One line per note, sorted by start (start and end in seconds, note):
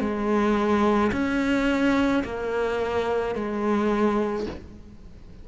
0.00 1.11 G#3
1.12 2.23 C#4
2.24 3.35 A#3
3.35 4.46 G#3